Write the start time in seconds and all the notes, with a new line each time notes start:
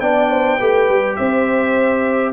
0.00 B3 D4 D5 G5
0.30 C5
0.58 A3 G4 B4
0.88 G3
1.16 C4 C5 E5